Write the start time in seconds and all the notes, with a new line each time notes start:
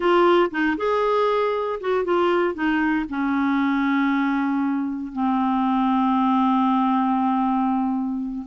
0.00 F4
0.50 D#4
0.77 G#4
1.80 F#4
2.04 F4
2.54 D#4
3.09 C#4
5.12 C4